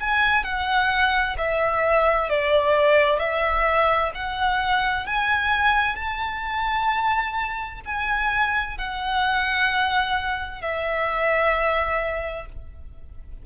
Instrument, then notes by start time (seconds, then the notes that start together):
violin
0.00 G#5
0.44 F#5
1.38 E5
2.30 D5
3.19 E5
4.15 F#5
5.06 G#5
5.96 A5
7.85 G#5
8.78 F#5
10.61 E5